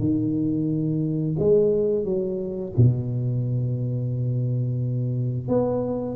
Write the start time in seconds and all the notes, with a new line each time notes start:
0.00 D#3
1.39 G#3
2.05 F#3
2.78 B2
5.49 B3